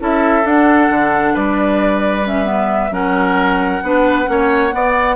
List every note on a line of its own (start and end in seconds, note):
0.00 0.45 C#4
0.00 0.43 E4
0.00 1.34 A4
0.00 0.47 E5
0.43 2.24 D4
0.43 0.90 D4
0.43 1.36 F#5
0.90 1.35 D3
1.34 2.91 G3
1.34 2.92 B4
1.34 2.27 D5
2.24 2.45 C#4
2.24 2.94 E5
2.45 2.90 B3
2.91 3.82 F#3
2.91 3.82 C#4
2.91 3.84 A#4
2.91 5.17 F#5
3.83 4.28 B3
3.83 4.26 D4
3.83 4.30 B4
4.26 4.74 A#3
4.26 4.71 C#4
4.26 4.75 C#5
4.72 5.17 B3
4.72 5.17 D5